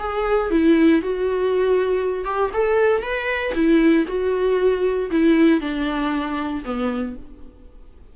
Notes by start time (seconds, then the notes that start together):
0.00 G#4
0.51 E4
1.02 F#4
2.25 G4
2.54 A4
3.03 B4
3.55 E4
4.08 F#4
5.11 E4
5.61 D4
6.65 B3